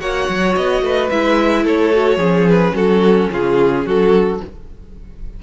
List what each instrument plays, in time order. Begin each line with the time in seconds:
0.00 cello A#3, viola F#4, violin C#5 F#5
0.29 cello F#3
0.56 cello B3, violin D#5
0.82 cello A3, violin B4
1.10 cello G#3, viola E4, violin E5
1.64 cello A3, violin A4 C#5
1.93 viola F#4
2.17 cello F3, viola C#4, violin G#4
2.49 violin B4
2.74 cello F#3, violin F#4 A4
3.31 cello C#3, violin F4 G#4
3.86 cello F#3, violin F#4 A4